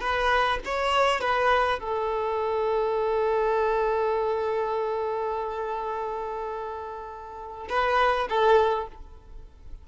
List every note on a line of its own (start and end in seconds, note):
0.00 0.59 B4
0.65 1.21 C#5
1.21 1.79 B4
1.79 7.67 A4
7.69 8.28 B4
8.29 8.88 A4